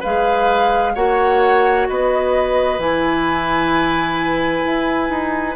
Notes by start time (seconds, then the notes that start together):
0.00 G#3 G#4 B4 F5
0.95 A#3 F#4 C#5 F#5
1.88 B3 B4 D#5
2.78 E3 E4 G#5
4.65 E4
5.10 D#4